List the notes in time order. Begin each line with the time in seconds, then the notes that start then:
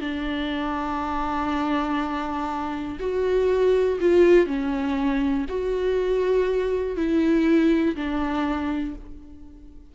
0.00 D4
2.99 F#4
4.00 F4
4.46 C#4
5.49 F#4
6.96 E4
7.95 D4